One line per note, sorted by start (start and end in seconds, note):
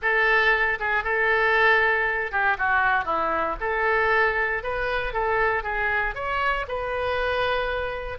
0.01 0.78 A4
0.79 1.03 G#4
1.03 2.31 A4
2.31 2.57 G4
2.58 3.04 F#4
3.04 3.56 E4
3.60 4.63 A4
4.63 5.13 B4
5.13 5.63 A4
5.63 6.14 G#4
6.14 6.66 C#5
6.68 8.18 B4